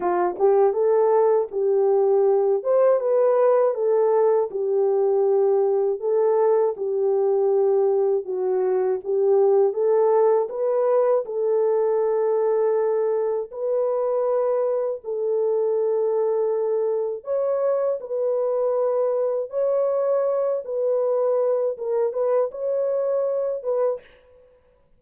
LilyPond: \new Staff \with { instrumentName = "horn" } { \time 4/4 \tempo 4 = 80 f'8 g'8 a'4 g'4. c''8 | b'4 a'4 g'2 | a'4 g'2 fis'4 | g'4 a'4 b'4 a'4~ |
a'2 b'2 | a'2. cis''4 | b'2 cis''4. b'8~ | b'4 ais'8 b'8 cis''4. b'8 | }